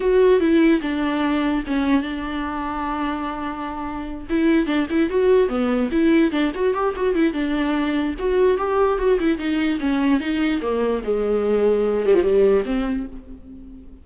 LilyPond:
\new Staff \with { instrumentName = "viola" } { \time 4/4 \tempo 4 = 147 fis'4 e'4 d'2 | cis'4 d'2.~ | d'2~ d'8 e'4 d'8 | e'8 fis'4 b4 e'4 d'8 |
fis'8 g'8 fis'8 e'8 d'2 | fis'4 g'4 fis'8 e'8 dis'4 | cis'4 dis'4 ais4 gis4~ | gis4. g16 f16 g4 c'4 | }